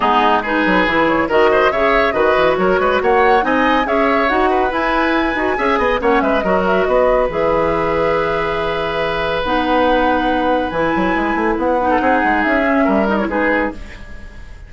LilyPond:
<<
  \new Staff \with { instrumentName = "flute" } { \time 4/4 \tempo 4 = 140 gis'4 b'4. cis''8 dis''4 | e''4 dis''4 cis''4 fis''4 | gis''4 e''4 fis''4 gis''4~ | gis''2 fis''8 e''8 dis''8 e''8 |
dis''4 e''2.~ | e''2 fis''2~ | fis''4 gis''2 fis''4~ | fis''4 e''4. dis''16 cis''16 b'4 | }
  \new Staff \with { instrumentName = "oboe" } { \time 4/4 dis'4 gis'2 ais'8 c''8 | cis''4 b'4 ais'8 b'8 cis''4 | dis''4 cis''4. b'4.~ | b'4 e''8 dis''8 cis''8 b'8 ais'4 |
b'1~ | b'1~ | b'2.~ b'8. a'16 | gis'2 ais'4 gis'4 | }
  \new Staff \with { instrumentName = "clarinet" } { \time 4/4 b4 dis'4 e'4 fis'4 | gis'4 fis'2. | dis'4 gis'4 fis'4 e'4~ | e'8 fis'8 gis'4 cis'4 fis'4~ |
fis'4 gis'2.~ | gis'2 dis'2~ | dis'4 e'2~ e'8 dis'8~ | dis'4. cis'4 dis'16 e'16 dis'4 | }
  \new Staff \with { instrumentName = "bassoon" } { \time 4/4 gis4. fis8 e4 dis4 | cis4 dis8 e8 fis8 gis8 ais4 | c'4 cis'4 dis'4 e'4~ | e'8 dis'8 cis'8 b8 ais8 gis8 fis4 |
b4 e2.~ | e2 b2~ | b4 e8 fis8 gis8 a8 b4 | c'8 gis8 cis'4 g4 gis4 | }
>>